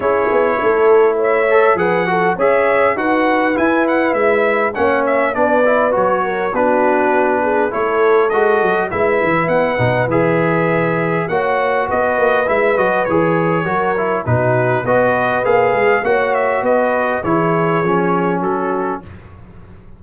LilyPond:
<<
  \new Staff \with { instrumentName = "trumpet" } { \time 4/4 \tempo 4 = 101 cis''2 e''4 fis''4 | e''4 fis''4 gis''8 fis''8 e''4 | fis''8 e''8 d''4 cis''4 b'4~ | b'4 cis''4 dis''4 e''4 |
fis''4 e''2 fis''4 | dis''4 e''8 dis''8 cis''2 | b'4 dis''4 f''4 fis''8 e''8 | dis''4 cis''2 a'4 | }
  \new Staff \with { instrumentName = "horn" } { \time 4/4 gis'4 a'4 cis''4 b'8 a'8 | cis''4 b'2. | cis''4 b'4. ais'8 fis'4~ | fis'8 gis'8 a'2 b'4~ |
b'2. cis''4 | b'2. ais'4 | fis'4 b'2 cis''4 | b'4 gis'2 fis'4 | }
  \new Staff \with { instrumentName = "trombone" } { \time 4/4 e'2~ e'8 a'8 gis'8 fis'8 | gis'4 fis'4 e'2 | cis'4 d'8 e'8 fis'4 d'4~ | d'4 e'4 fis'4 e'4~ |
e'8 dis'8 gis'2 fis'4~ | fis'4 e'8 fis'8 gis'4 fis'8 e'8 | dis'4 fis'4 gis'4 fis'4~ | fis'4 e'4 cis'2 | }
  \new Staff \with { instrumentName = "tuba" } { \time 4/4 cis'8 b8 a2 f4 | cis'4 dis'4 e'4 gis4 | ais4 b4 fis4 b4~ | b4 a4 gis8 fis8 gis8 e8 |
b8 b,8 e2 ais4 | b8 ais8 gis8 fis8 e4 fis4 | b,4 b4 ais8 gis8 ais4 | b4 e4 f4 fis4 | }
>>